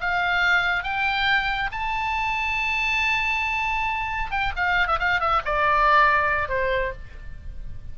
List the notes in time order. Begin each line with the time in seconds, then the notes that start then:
0.00 F5
0.83 G5
1.71 A5
4.30 G5
4.56 F5
4.87 E5
4.99 F5
5.20 E5
5.45 D5
6.48 C5